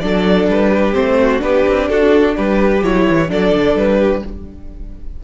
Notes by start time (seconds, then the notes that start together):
0.00 F#3 D4 A4 D5
0.48 G3 B4
0.70 G4
0.93 A3 C4 C5
1.21 F#4
1.39 B3 D4 G4 B4
1.68 C4
1.88 D4 F#4 A4
2.36 G3 G4 B4
2.82 F#3 E4 C#5
3.08 E3
3.28 F#3 D4 A4 D5
3.54 D3
3.75 G3 B4
3.98 G4